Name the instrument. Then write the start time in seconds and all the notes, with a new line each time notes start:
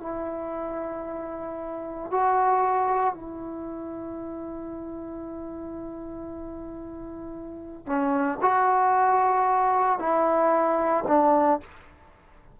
trombone
0.00 E4
2.11 F#4
3.13 E4
7.86 C#4
8.41 F#4
9.99 E4
11.07 D4